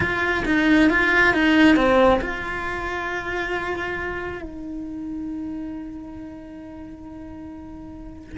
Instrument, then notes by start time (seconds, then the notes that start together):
cello
0.00 F4
0.45 D#4
0.89 F4
1.33 D#4
1.75 C4
2.21 F4
4.42 D#4